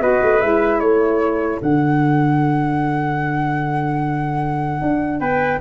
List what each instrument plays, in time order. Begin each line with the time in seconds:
0.00 tuba B3, saxophone F#4, trumpet B4, flute D#5
0.23 tuba A3
0.41 tuba G#3, saxophone E4, flute E5
0.80 tuba A3, trumpet A4, flute C#5
1.61 tuba D3, saxophone D4, flute F#5
4.82 tuba D4
5.20 tuba B3, trumpet B4, flute G5